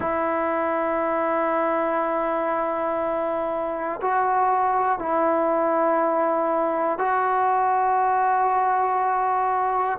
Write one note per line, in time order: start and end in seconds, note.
0.00 4.00 E4
4.01 4.98 F#4
4.98 6.98 E4
6.98 9.98 F#4